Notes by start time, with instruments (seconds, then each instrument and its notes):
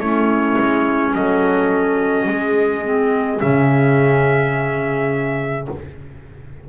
0.00 double bass A3, clarinet C#4, horn E4, trumpet C#5
0.58 double bass G#3
1.15 double bass F#3, horn A4, trumpet D#5
2.28 double bass G#3, horn G#4
2.84 clarinet C4
3.38 double bass C#3, clarinet C#4, trumpet E5